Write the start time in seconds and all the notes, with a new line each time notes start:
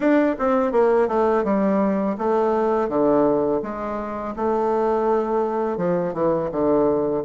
0.00 D4
0.38 C4
0.72 A#3
1.08 A3
1.44 G3
2.18 A3
2.88 D3
3.62 G#3
4.35 A3
5.77 F3
6.13 E3
6.51 D3